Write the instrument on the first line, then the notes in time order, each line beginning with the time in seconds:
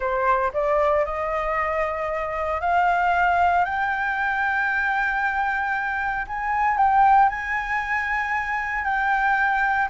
flute
0.00 C5
0.53 D5
1.05 D#5
2.60 F5
3.65 G5
6.27 G#5
6.77 G5
7.29 G#5
8.84 G5